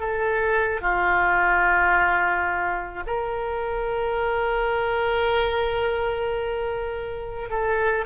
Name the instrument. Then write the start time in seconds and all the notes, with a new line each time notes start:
oboe
0.00 A4
0.81 F4
3.07 A#4
7.49 A4